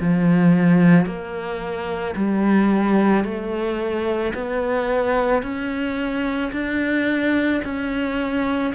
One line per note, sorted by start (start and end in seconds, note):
0.00 1.06 F3
1.06 2.15 A#3
2.16 3.24 G3
3.24 4.33 A3
4.34 5.42 B3
5.42 6.52 C#4
6.52 7.61 D4
7.64 8.73 C#4